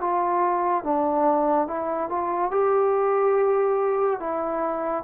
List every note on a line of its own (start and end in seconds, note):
0.00 0.84 F4
0.84 1.67 D4
1.67 2.09 E4
2.09 2.51 F4
2.51 4.19 G4
4.19 5.04 E4